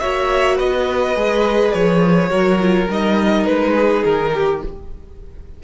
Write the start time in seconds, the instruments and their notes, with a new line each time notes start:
0.00 cello A#3, viola F#4, violin C#5 E5
0.57 cello B3, violin B4 D#5
1.16 cello G#3, viola G#4
1.73 cello F3, violin C#5
2.30 cello F#3, viola F#4, violin A#4
2.60 viola F4
2.89 cello G3, viola D#4, violin D#5
3.46 cello G#3, violin B4
3.73 violin G#4
4.04 cello D#3, violin A#4
4.34 violin G4